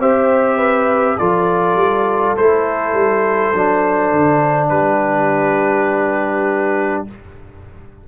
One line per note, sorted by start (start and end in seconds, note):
0.00 1.18 C4
0.00 1.19 G4
0.00 0.58 C5
0.00 1.18 E5
0.58 1.17 B4
1.18 1.75 F3
1.18 2.38 F4
1.18 4.73 A4
1.18 2.36 D5
1.75 2.34 G3
2.37 2.93 A3
2.37 3.55 E4
2.37 4.69 C5
2.93 3.52 G3
3.54 4.13 F#3
3.54 7.08 D4
4.13 4.71 D3
4.69 7.06 G3
4.69 7.09 G4
4.69 7.04 B4